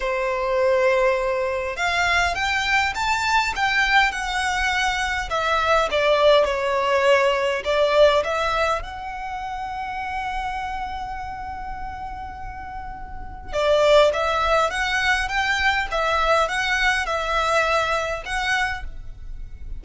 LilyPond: \new Staff \with { instrumentName = "violin" } { \time 4/4 \tempo 4 = 102 c''2. f''4 | g''4 a''4 g''4 fis''4~ | fis''4 e''4 d''4 cis''4~ | cis''4 d''4 e''4 fis''4~ |
fis''1~ | fis''2. d''4 | e''4 fis''4 g''4 e''4 | fis''4 e''2 fis''4 | }